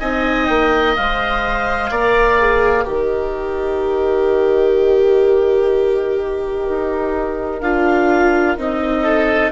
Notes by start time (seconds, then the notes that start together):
0.00 C4 D#4 D#5 G#5
0.46 A#3 G5
0.96 G#3 C5 F5
1.91 A#3 A#4 D5
2.38 G#4
2.85 D#3 G4 A#4 D#5
6.69 D#4
7.61 D4 F4 F5
8.58 C4 D#4 D#5
9.04 A4